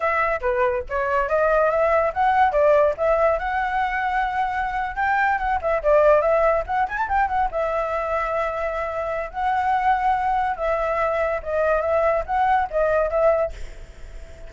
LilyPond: \new Staff \with { instrumentName = "flute" } { \time 4/4 \tempo 4 = 142 e''4 b'4 cis''4 dis''4 | e''4 fis''4 d''4 e''4 | fis''2.~ fis''8. g''16~ | g''8. fis''8 e''8 d''4 e''4 fis''16~ |
fis''16 gis''16 a''16 g''8 fis''8 e''2~ e''16~ | e''2 fis''2~ | fis''4 e''2 dis''4 | e''4 fis''4 dis''4 e''4 | }